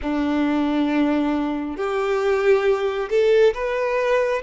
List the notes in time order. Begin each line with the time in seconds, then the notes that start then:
0.01 D4
1.76 G4
3.09 A4
3.53 B4